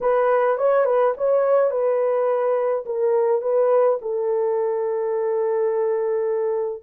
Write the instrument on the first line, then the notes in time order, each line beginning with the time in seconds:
horn
0.00 B4
0.57 C#5
0.85 B4
1.17 C#5
1.70 B4
2.85 A#4
3.41 B4
4.01 A4